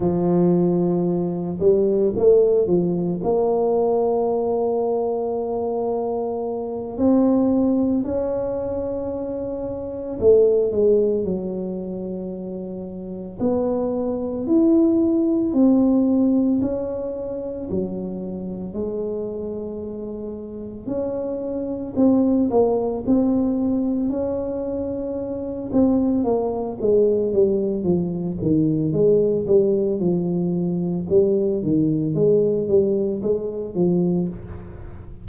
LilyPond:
\new Staff \with { instrumentName = "tuba" } { \time 4/4 \tempo 4 = 56 f4. g8 a8 f8 ais4~ | ais2~ ais8 c'4 cis'8~ | cis'4. a8 gis8 fis4.~ | fis8 b4 e'4 c'4 cis'8~ |
cis'8 fis4 gis2 cis'8~ | cis'8 c'8 ais8 c'4 cis'4. | c'8 ais8 gis8 g8 f8 dis8 gis8 g8 | f4 g8 dis8 gis8 g8 gis8 f8 | }